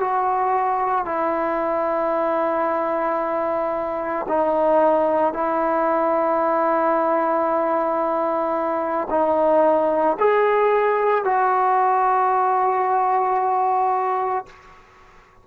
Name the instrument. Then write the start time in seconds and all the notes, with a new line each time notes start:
trombone
0.00 F#4
1.05 E4
4.29 D#4
5.33 E4
9.10 D#4
10.19 G#4
11.25 F#4